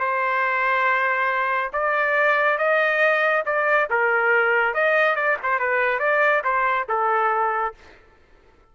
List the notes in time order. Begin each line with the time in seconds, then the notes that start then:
0.00 C5
1.73 D5
2.58 D#5
3.46 D5
3.91 A#4
4.75 D#5
5.16 D5
5.43 C5
5.59 B4
6.00 D5
6.44 C5
6.89 A4